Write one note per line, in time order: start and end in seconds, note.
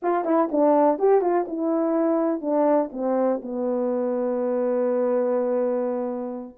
0.02 0.24 F4
0.24 0.49 E4
0.51 0.98 D4
0.98 1.21 G4
1.21 1.45 F4
1.47 2.41 E4
2.41 2.90 D4
2.92 3.41 C4
3.42 6.57 B3